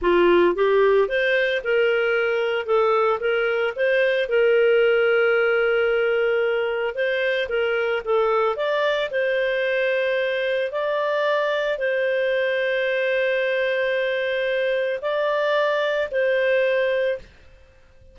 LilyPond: \new Staff \with { instrumentName = "clarinet" } { \time 4/4 \tempo 4 = 112 f'4 g'4 c''4 ais'4~ | ais'4 a'4 ais'4 c''4 | ais'1~ | ais'4 c''4 ais'4 a'4 |
d''4 c''2. | d''2 c''2~ | c''1 | d''2 c''2 | }